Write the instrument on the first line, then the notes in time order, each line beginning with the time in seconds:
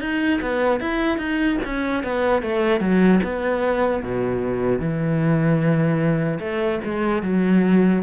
cello
0.00 D#4
0.41 B3
0.80 E4
1.17 D#4
1.65 C#4
2.03 B3
2.42 A3
2.80 F#3
3.23 B3
4.03 B2
4.79 E3
6.39 A3
6.84 G#3
7.23 F#3